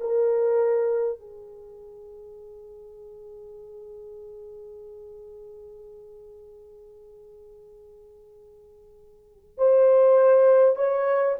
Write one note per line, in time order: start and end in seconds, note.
0.00 1.19 A#4
1.19 9.58 G#4
9.58 10.76 C5
10.76 11.36 C#5